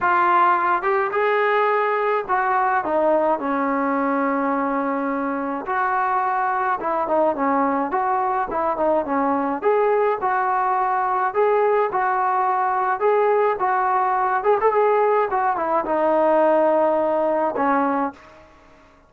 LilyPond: \new Staff \with { instrumentName = "trombone" } { \time 4/4 \tempo 4 = 106 f'4. g'8 gis'2 | fis'4 dis'4 cis'2~ | cis'2 fis'2 | e'8 dis'8 cis'4 fis'4 e'8 dis'8 |
cis'4 gis'4 fis'2 | gis'4 fis'2 gis'4 | fis'4. gis'16 a'16 gis'4 fis'8 e'8 | dis'2. cis'4 | }